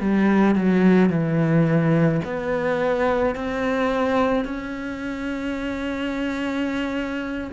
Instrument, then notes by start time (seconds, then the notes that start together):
cello
0.00 G3
0.55 F#3
1.09 E3
2.24 B3
3.35 C4
4.44 C#4